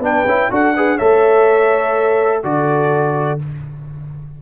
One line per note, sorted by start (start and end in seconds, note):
0.00 0.24 B3
0.00 0.27 D4
0.00 0.51 B4
0.00 0.53 G5
0.26 0.50 C#4
0.26 0.51 E4
0.51 0.99 D4
0.51 0.75 F#4
0.51 0.76 A4
0.51 0.98 F#5
0.76 1.00 G#4
0.76 0.97 B4
0.97 2.44 A3
0.97 2.44 A4
0.97 2.41 C#5
0.97 2.43 E5
2.44 3.40 D3
2.44 3.40 F#4
2.44 3.42 A4
2.44 3.40 D5